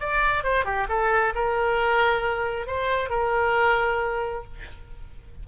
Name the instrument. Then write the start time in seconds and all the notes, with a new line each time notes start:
oboe
0.00 D5
0.44 C5
0.65 G4
0.89 A4
1.35 A#4
2.67 C5
3.10 A#4